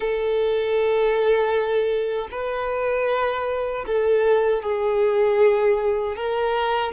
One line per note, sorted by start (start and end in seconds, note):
0.00 2.28 A4
2.31 3.85 B4
3.86 4.62 A4
4.62 6.16 G#4
6.16 6.92 A#4